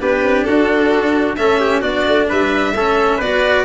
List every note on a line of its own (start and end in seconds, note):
0.00 0.23 B3
0.00 1.37 D4
0.00 0.47 G4
0.00 0.44 B4
0.23 0.46 C4
0.44 1.38 D4
0.44 1.39 F#4
0.44 1.36 A4
1.36 1.83 A3
1.36 1.82 C#4
1.36 1.61 A4
1.36 1.82 E5
1.61 1.81 G4
1.81 2.06 B3
1.81 2.74 D4
1.81 2.27 F#4
1.81 2.28 D5
2.08 2.31 A3
2.29 2.75 G3
2.29 2.75 B4
2.29 3.21 E5
2.75 3.20 A3
2.75 3.23 C#4
2.75 3.17 A4
3.17 3.65 B3
3.17 3.65 F#4
3.17 3.63 B4
3.17 3.65 D5